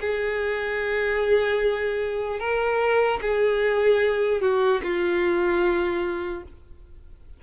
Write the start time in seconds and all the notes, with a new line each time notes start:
0.00 G#4
2.39 A#4
3.21 G#4
4.41 F#4
4.83 F4